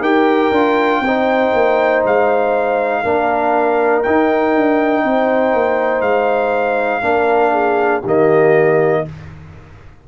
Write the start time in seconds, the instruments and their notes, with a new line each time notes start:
0.00 tuba D#4, trombone G4, horn A#4, trumpet G5
0.51 tuba D4, trombone F4
1.00 tuba C4, horn C5
1.06 trombone D#4
1.54 tuba A#3
2.04 tuba G#3, trumpet F5
3.03 tuba A#3, trombone D4, horn A#4
4.03 trombone D#4, tuba D#4, trumpet G5
4.55 tuba D4
5.03 tuba C4, horn C5
5.53 tuba A#3
6.01 tuba G#3, trumpet F5
7.02 tuba A#3, trombone D4, horn A#4
7.51 horn G#4
8.01 tuba D#3, trombone A#3, horn G4
8.08 trumpet D#5